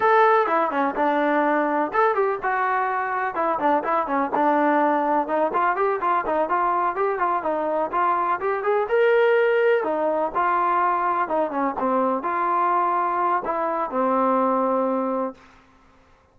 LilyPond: \new Staff \with { instrumentName = "trombone" } { \time 4/4 \tempo 4 = 125 a'4 e'8 cis'8 d'2 | a'8 g'8 fis'2 e'8 d'8 | e'8 cis'8 d'2 dis'8 f'8 | g'8 f'8 dis'8 f'4 g'8 f'8 dis'8~ |
dis'8 f'4 g'8 gis'8 ais'4.~ | ais'8 dis'4 f'2 dis'8 | cis'8 c'4 f'2~ f'8 | e'4 c'2. | }